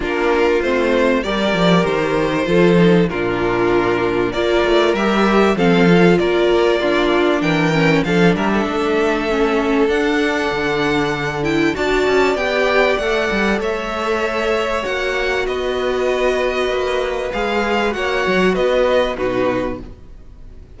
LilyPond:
<<
  \new Staff \with { instrumentName = "violin" } { \time 4/4 \tempo 4 = 97 ais'4 c''4 d''4 c''4~ | c''4 ais'2 d''4 | e''4 f''4 d''2 | g''4 f''8 e''2~ e''8 |
fis''2~ fis''8 g''8 a''4 | g''4 fis''4 e''2 | fis''4 dis''2. | f''4 fis''4 dis''4 b'4 | }
  \new Staff \with { instrumentName = "violin" } { \time 4/4 f'2 ais'2 | a'4 f'2 ais'4~ | ais'4 a'4 ais'4 f'4 | ais'4 a'8 ais'16 a'2~ a'16~ |
a'2. d''4~ | d''2 cis''2~ | cis''4 b'2.~ | b'4 cis''4 b'4 fis'4 | }
  \new Staff \with { instrumentName = "viola" } { \time 4/4 d'4 c'4 g'2 | f'8 dis'8 d'2 f'4 | g'4 c'8 f'4. d'4~ | d'8 cis'8 d'2 cis'4 |
d'2~ d'8 e'8 fis'4 | g'4 a'2. | fis'1 | gis'4 fis'2 dis'4 | }
  \new Staff \with { instrumentName = "cello" } { \time 4/4 ais4 a4 g8 f8 dis4 | f4 ais,2 ais8 a8 | g4 f4 ais2 | e4 f8 g8 a2 |
d'4 d2 d'8 cis'8 | b4 a8 g8 a2 | ais4 b2 ais4 | gis4 ais8 fis8 b4 b,4 | }
>>